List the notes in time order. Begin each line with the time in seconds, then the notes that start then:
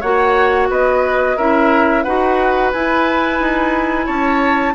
0.00 A#3 F#4 C#5 F#5
0.69 B3 B4 D#5
1.36 C#4 E4 A#4 E5
2.03 D#4 F#4 B4 F#5
2.72 E4 G#5
3.39 D#4
4.06 C#4 C#5 A5